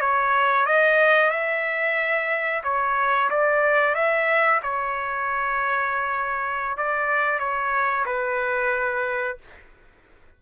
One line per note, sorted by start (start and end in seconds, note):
0.00 0.65 C#5
0.65 1.30 D#5
1.30 2.62 E5
2.63 3.29 C#5
3.29 3.94 D5
3.94 4.60 E5
4.62 6.77 C#5
6.77 7.39 D5
7.39 8.05 C#5
8.05 9.37 B4